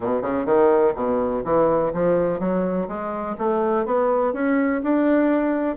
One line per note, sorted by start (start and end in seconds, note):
0.00 0.22 B2
0.22 0.45 C#3
0.45 0.93 D#3
0.95 1.43 B2
1.44 1.92 E3
1.93 2.39 F3
2.39 2.87 F#3
2.88 3.36 G#3
3.38 3.85 A3
3.85 4.33 B3
4.33 4.81 C#4
4.83 5.76 D4